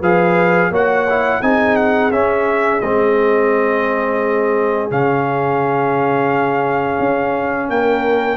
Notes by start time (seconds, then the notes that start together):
0.00 F3 G#4 B4 F5
0.71 A#3 F#4 C#5 F#5
1.10 E4
1.42 C4 D#4 G#4 G#5
1.76 F#5
2.11 C#4 E5
2.81 G#3 C4 D#5
4.90 C#3 C#4 F5
7.00 C#4
7.69 A#3 A#4 G5